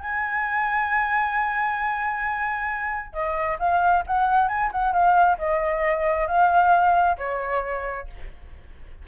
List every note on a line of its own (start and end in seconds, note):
0.00 3.13 G#5
3.13 3.58 D#5
3.59 4.04 F5
4.07 4.48 F#5
4.48 4.71 G#5
4.72 4.93 F#5
4.93 5.37 F5
5.38 6.27 D#5
6.27 7.17 F5
7.18 8.08 C#5